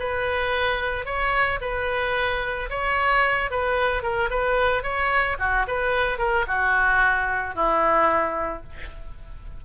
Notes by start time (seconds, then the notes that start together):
0.00 B4
1.06 C#5
1.62 B4
2.70 C#5
3.51 B4
4.03 A#4
4.31 B4
4.84 C#5
5.40 F#4
5.68 B4
6.19 A#4
6.48 F#4
7.56 E4